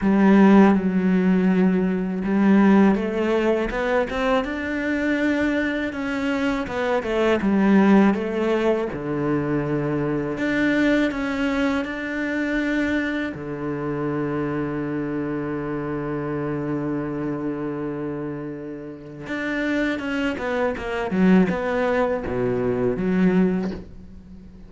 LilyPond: \new Staff \with { instrumentName = "cello" } { \time 4/4 \tempo 4 = 81 g4 fis2 g4 | a4 b8 c'8 d'2 | cis'4 b8 a8 g4 a4 | d2 d'4 cis'4 |
d'2 d2~ | d1~ | d2 d'4 cis'8 b8 | ais8 fis8 b4 b,4 fis4 | }